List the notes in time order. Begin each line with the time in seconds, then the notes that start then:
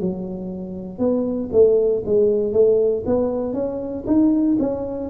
0.00 F#3
0.98 B3
1.52 A3
2.05 G#3
2.53 A3
3.06 B3
3.53 C#4
4.07 D#4
4.59 C#4